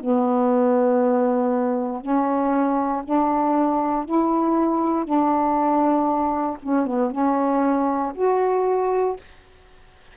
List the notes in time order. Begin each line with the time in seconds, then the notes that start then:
0.00 B3
2.01 C#4
3.05 D4
4.05 E4
5.05 D4
6.63 C#4
6.86 B3
7.11 C#4
8.15 F#4